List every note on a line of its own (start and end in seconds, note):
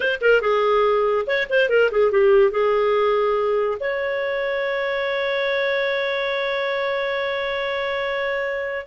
0.00 0.20 C5
0.21 0.41 A#4
0.41 1.25 G#4
1.26 1.47 C#5
1.49 1.69 C5
1.69 1.90 A#4
1.91 2.11 G#4
2.11 2.51 G4
2.51 3.78 G#4
3.80 8.86 C#5